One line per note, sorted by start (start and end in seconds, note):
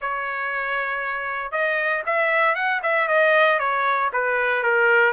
0.01 1.51 C#5
1.51 2.03 D#5
2.05 2.55 E5
2.55 2.80 F#5
2.82 3.07 E5
3.07 3.59 D#5
3.59 4.10 C#5
4.12 4.63 B4
4.63 5.13 A#4